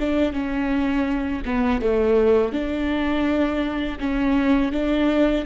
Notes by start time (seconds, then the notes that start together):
0.00 D4
0.33 C#4
1.46 B3
1.82 A3
2.53 D4
4.00 C#4
4.72 D4